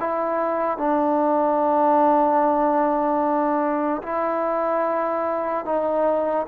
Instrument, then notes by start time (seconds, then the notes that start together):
trombone
0.00 E4
0.78 D4
4.03 E4
5.66 D#4